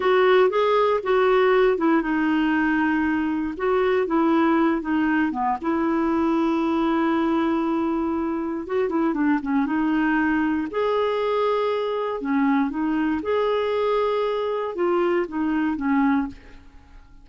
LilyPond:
\new Staff \with { instrumentName = "clarinet" } { \time 4/4 \tempo 4 = 118 fis'4 gis'4 fis'4. e'8 | dis'2. fis'4 | e'4. dis'4 b8 e'4~ | e'1~ |
e'4 fis'8 e'8 d'8 cis'8 dis'4~ | dis'4 gis'2. | cis'4 dis'4 gis'2~ | gis'4 f'4 dis'4 cis'4 | }